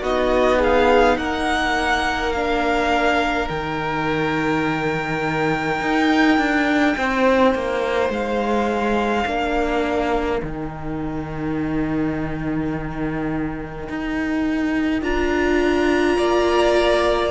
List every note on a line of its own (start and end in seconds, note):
0.00 1.17 B3
0.00 2.34 D#4
0.00 0.57 F#4
0.00 0.61 D#5
0.57 1.15 G#4
0.57 1.17 F5
1.17 3.48 A#3
1.17 6.95 A#4
1.17 2.32 F#5
2.32 3.48 D4
2.32 3.48 F5
3.48 5.80 D#3
3.48 9.25 D#4
3.48 8.10 G5
5.81 6.37 D#4
6.37 6.95 D4
6.97 7.54 C4
6.97 9.27 C5
7.54 8.09 A#3
8.09 9.24 G#3
8.09 10.42 F5
9.25 10.41 A#3
9.25 10.41 D4
9.25 16.17 A#4
10.41 13.88 D#3
10.41 15.01 D#4
10.41 15.03 G5
13.89 15.01 D#4
15.01 16.17 D4
15.01 17.31 F4
15.01 17.31 A#5
16.17 17.31 A#3
16.17 17.31 D5